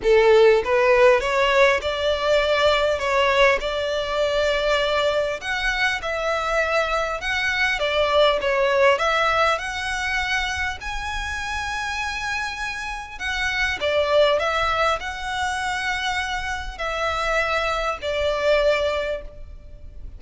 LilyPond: \new Staff \with { instrumentName = "violin" } { \time 4/4 \tempo 4 = 100 a'4 b'4 cis''4 d''4~ | d''4 cis''4 d''2~ | d''4 fis''4 e''2 | fis''4 d''4 cis''4 e''4 |
fis''2 gis''2~ | gis''2 fis''4 d''4 | e''4 fis''2. | e''2 d''2 | }